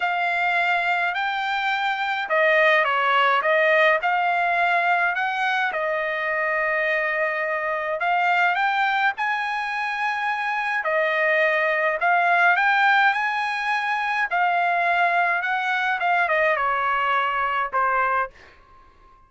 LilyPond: \new Staff \with { instrumentName = "trumpet" } { \time 4/4 \tempo 4 = 105 f''2 g''2 | dis''4 cis''4 dis''4 f''4~ | f''4 fis''4 dis''2~ | dis''2 f''4 g''4 |
gis''2. dis''4~ | dis''4 f''4 g''4 gis''4~ | gis''4 f''2 fis''4 | f''8 dis''8 cis''2 c''4 | }